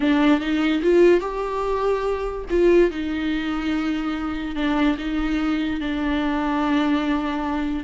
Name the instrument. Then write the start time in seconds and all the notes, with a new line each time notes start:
viola
0.00 D4
0.40 D#4
0.82 F4
1.20 G4
2.50 F4
2.90 D#4
4.55 D4
4.97 D#4
5.80 D4